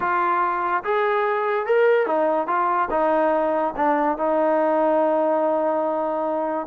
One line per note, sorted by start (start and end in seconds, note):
0.00 0.83 F4
0.84 1.66 G#4
1.66 2.06 A#4
2.06 2.47 D#4
2.47 2.88 F4
2.90 3.73 D#4
3.76 4.17 D4
4.17 6.67 D#4